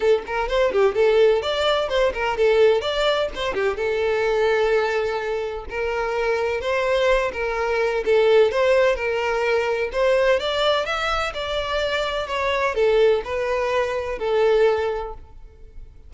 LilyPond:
\new Staff \with { instrumentName = "violin" } { \time 4/4 \tempo 4 = 127 a'8 ais'8 c''8 g'8 a'4 d''4 | c''8 ais'8 a'4 d''4 c''8 g'8 | a'1 | ais'2 c''4. ais'8~ |
ais'4 a'4 c''4 ais'4~ | ais'4 c''4 d''4 e''4 | d''2 cis''4 a'4 | b'2 a'2 | }